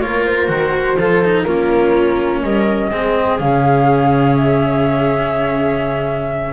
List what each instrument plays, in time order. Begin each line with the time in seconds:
0.00 double bass A#3, cello F4, viola A#4, flute C#5
0.25 flute C5
0.48 double bass D#3, cello F#4
0.97 double bass F3, cello F4, viola A4
1.24 cello D#4
1.43 double bass A#3, cello C#4, viola F4, flute A#4
2.42 double bass G3, viola A#4, flute D#5
2.90 double bass G#3, cello C4, viola G#4
3.39 double bass C#3, cello C#4, flute F5
4.36 flute E5